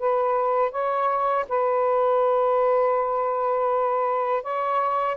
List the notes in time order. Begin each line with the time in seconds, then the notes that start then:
0.00 B4
0.71 C#5
1.49 B4
4.43 C#5